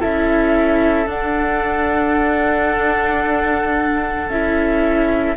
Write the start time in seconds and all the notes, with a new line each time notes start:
0.00 C#4 E4 A4 E5
1.07 D4 F#5
4.29 C#4 E4 E5